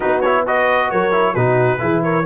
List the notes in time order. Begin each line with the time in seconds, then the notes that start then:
0.00 B3 D#4 F#4 B4
0.21 E4 C#5
0.45 F#4 B4 D#5
0.90 F#3 A#4 C#5
1.11 E4
1.33 B2 D#4 F#4 B4
1.78 E3 E4 G#4
2.03 A#4 C#5